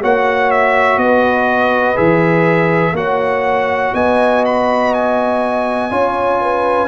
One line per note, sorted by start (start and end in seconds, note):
0.00 0.97 A#3
0.00 1.95 F#4
0.00 0.98 C#5
0.00 0.51 F#5
0.51 0.99 E5
0.97 1.95 B3
0.97 2.95 B4
0.97 1.97 D#5
1.95 2.92 E3
1.95 2.94 G#4
1.95 2.95 E5
2.92 3.91 A#3
2.92 5.90 F#4
2.92 3.93 C#5
2.92 3.95 F#5
3.93 5.90 B3
3.93 5.90 D#5
3.93 4.44 G#5
4.45 4.93 B5
4.93 6.88 G#5
5.90 6.88 C#4
5.90 6.88 F4
5.90 6.39 C#5
6.40 6.88 B4